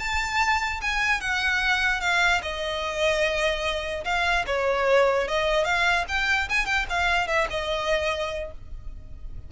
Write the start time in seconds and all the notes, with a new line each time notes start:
0.00 A5
0.82 G#5
1.21 F#5
2.01 F5
2.43 D#5
4.05 F5
4.47 C#5
5.29 D#5
5.65 F5
6.08 G5
6.49 G#5
6.66 G5
6.90 F5
7.28 E5
7.51 D#5